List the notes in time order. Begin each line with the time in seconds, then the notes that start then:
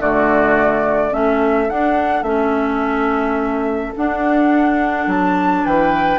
0.00 D3 A3 F#4 D5
1.11 A3 C#4 A4 E5
1.69 D4 F#5
2.23 A3 C#4 E5
3.96 D4 F#5
5.07 F#3 A5
5.65 E3 B4 G5